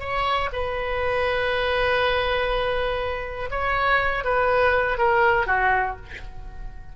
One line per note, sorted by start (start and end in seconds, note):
0.00 0.50 C#5
0.53 3.50 B4
3.51 4.24 C#5
4.24 4.98 B4
4.98 5.47 A#4
5.47 5.96 F#4